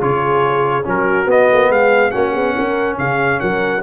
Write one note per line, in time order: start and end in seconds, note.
0.00 0.85 C#3
0.00 0.83 F4
0.00 0.85 G#4
0.00 0.86 C#5
0.83 1.26 F#3
0.83 1.26 C#4
0.83 1.70 F#4
0.83 1.30 A#4
1.26 1.47 B3
1.26 2.11 B3
1.26 1.71 D#5
1.52 1.69 A#3
1.69 2.12 G#3
1.69 2.12 G#4
1.69 2.11 F5
2.11 2.35 A#3
2.11 3.81 C#4
2.11 2.31 F#4
2.11 2.96 F#5
2.31 2.56 B3
2.31 2.53 G#4
2.54 2.98 C#4
2.54 2.97 A#4
2.98 3.40 C#3
2.98 3.40 G#4
2.98 3.39 F5
3.39 3.82 F#3
3.39 3.82 A#4
3.39 3.82 F#5